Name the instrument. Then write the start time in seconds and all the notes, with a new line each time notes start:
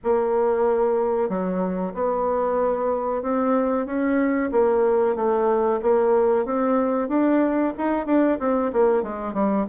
bassoon
0.03 A#3
1.29 F#3
1.94 B3
3.22 C4
3.86 C#4
4.51 A#3
5.15 A3
5.82 A#3
6.45 C4
7.08 D4
7.77 D#4
8.06 D4
8.39 C4
8.73 A#3
9.02 G#3
9.33 G3